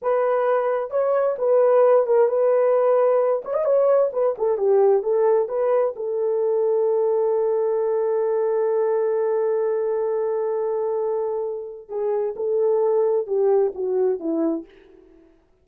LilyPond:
\new Staff \with { instrumentName = "horn" } { \time 4/4 \tempo 4 = 131 b'2 cis''4 b'4~ | b'8 ais'8 b'2~ b'8 cis''16 dis''16 | cis''4 b'8 a'8 g'4 a'4 | b'4 a'2.~ |
a'1~ | a'1~ | a'2 gis'4 a'4~ | a'4 g'4 fis'4 e'4 | }